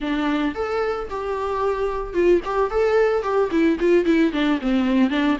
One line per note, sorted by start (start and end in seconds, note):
0.00 0.54 D4
0.54 1.08 A4
1.10 2.13 G4
2.13 2.40 F4
2.44 2.70 G4
2.70 3.22 A4
3.22 3.49 G4
3.51 3.78 E4
3.79 4.05 F4
4.05 4.32 E4
4.32 4.59 D4
4.61 5.10 C4
5.10 5.37 D4